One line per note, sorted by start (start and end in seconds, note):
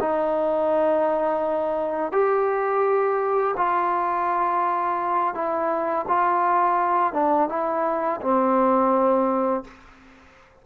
0.00 2.12 D#4
2.12 3.55 G4
3.56 5.34 F4
5.34 6.06 E4
6.08 7.13 F4
7.13 7.49 D4
7.49 8.20 E4
8.21 9.64 C4